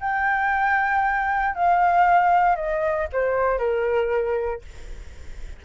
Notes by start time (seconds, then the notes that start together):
0.00 G5
1.55 F5
2.56 D#5
3.12 C5
3.58 A#4